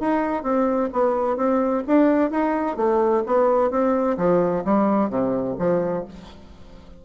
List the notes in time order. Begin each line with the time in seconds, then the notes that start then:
0.00 D#4
0.43 C4
0.93 B3
1.37 C4
1.87 D4
2.31 D#4
2.77 A3
3.26 B3
3.71 C4
4.18 F3
4.65 G3
5.10 C3
5.59 F3